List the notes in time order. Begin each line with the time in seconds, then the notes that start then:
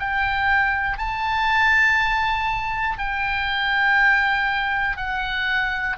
0.00 G5
0.98 A5
2.98 G5
4.97 F#5